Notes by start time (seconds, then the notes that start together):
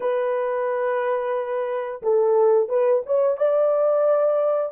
0.00 B4
2.02 A4
2.68 B4
3.06 C#5
3.37 D5